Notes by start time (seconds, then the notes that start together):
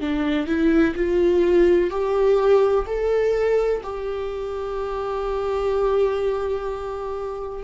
0.00 D4
0.46 E4
0.95 F4
1.90 G4
2.86 A4
3.83 G4